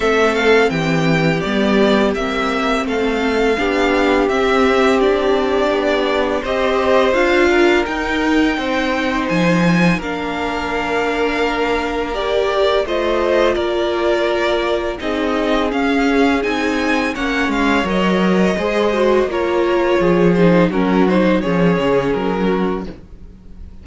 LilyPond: <<
  \new Staff \with { instrumentName = "violin" } { \time 4/4 \tempo 4 = 84 e''8 f''8 g''4 d''4 e''4 | f''2 e''4 d''4~ | d''4 dis''4 f''4 g''4~ | g''4 gis''4 f''2~ |
f''4 d''4 dis''4 d''4~ | d''4 dis''4 f''4 gis''4 | fis''8 f''8 dis''2 cis''4~ | cis''8 c''8 ais'8 c''8 cis''4 ais'4 | }
  \new Staff \with { instrumentName = "violin" } { \time 4/4 a'4 g'2. | a'4 g'2.~ | g'4 c''4. ais'4. | c''2 ais'2~ |
ais'2 c''4 ais'4~ | ais'4 gis'2. | cis''2 c''4 ais'4 | gis'4 fis'4 gis'4. fis'8 | }
  \new Staff \with { instrumentName = "viola" } { \time 4/4 c'2 b4 c'4~ | c'4 d'4 c'4 d'4~ | d'4 g'4 f'4 dis'4~ | dis'2 d'2~ |
d'4 g'4 f'2~ | f'4 dis'4 cis'4 dis'4 | cis'4 ais'4 gis'8 fis'8 f'4~ | f'8 dis'8 cis'8 dis'8 cis'2 | }
  \new Staff \with { instrumentName = "cello" } { \time 4/4 a4 e4 g4 ais4 | a4 b4 c'2 | b4 c'4 d'4 dis'4 | c'4 f4 ais2~ |
ais2 a4 ais4~ | ais4 c'4 cis'4 c'4 | ais8 gis8 fis4 gis4 ais4 | f4 fis4 f8 cis8 fis4 | }
>>